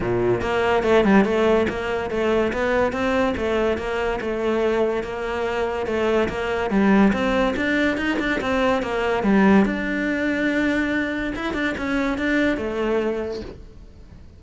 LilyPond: \new Staff \with { instrumentName = "cello" } { \time 4/4 \tempo 4 = 143 ais,4 ais4 a8 g8 a4 | ais4 a4 b4 c'4 | a4 ais4 a2 | ais2 a4 ais4 |
g4 c'4 d'4 dis'8 d'8 | c'4 ais4 g4 d'4~ | d'2. e'8 d'8 | cis'4 d'4 a2 | }